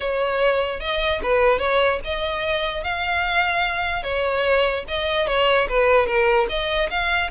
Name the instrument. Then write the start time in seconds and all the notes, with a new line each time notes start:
violin
0.00 C#5
0.80 D#5
1.22 B4
1.58 C#5
2.04 D#5
2.83 F5
4.03 C#5
4.88 D#5
5.27 C#5
5.68 B4
6.06 A#4
6.49 D#5
6.89 F5